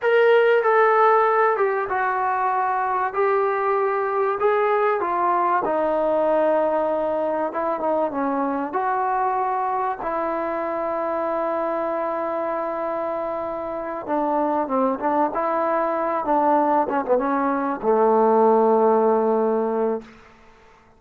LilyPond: \new Staff \with { instrumentName = "trombone" } { \time 4/4 \tempo 4 = 96 ais'4 a'4. g'8 fis'4~ | fis'4 g'2 gis'4 | f'4 dis'2. | e'8 dis'8 cis'4 fis'2 |
e'1~ | e'2~ e'8 d'4 c'8 | d'8 e'4. d'4 cis'16 b16 cis'8~ | cis'8 a2.~ a8 | }